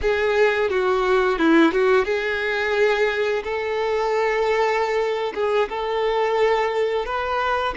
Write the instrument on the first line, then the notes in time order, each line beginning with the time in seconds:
violin
0.01 G#4
0.70 F#4
1.39 E4
1.71 F#4
2.05 G#4
3.43 A4
5.34 G#4
5.69 A4
7.05 B4